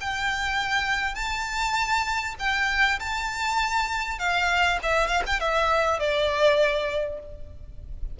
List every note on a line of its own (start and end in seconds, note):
0.00 1.15 G5
1.15 2.35 A5
2.39 2.99 G5
2.99 4.19 A5
4.19 4.79 F5
4.82 5.07 E5
5.07 5.22 F5
5.26 5.39 G5
5.39 5.99 E5
5.99 7.19 D5